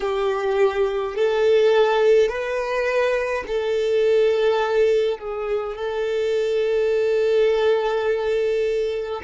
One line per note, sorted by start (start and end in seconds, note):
0.00 1.15 G4
1.15 2.28 A4
2.28 3.44 B4
3.47 5.18 A4
5.18 5.75 G#4
5.75 9.22 A4